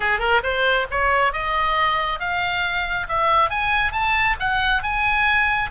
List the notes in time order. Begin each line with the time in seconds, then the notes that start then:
0.00 G#4
0.19 A#4
0.43 C5
0.90 C#5
1.32 D#5
2.19 F5
3.08 E5
3.49 G#5
3.92 A5
4.39 F#5
4.82 G#5